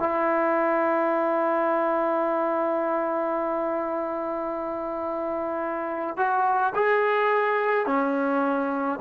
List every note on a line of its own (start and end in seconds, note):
0.00 6.17 E4
6.17 6.74 F#4
6.76 7.86 G#4
7.86 8.99 C#4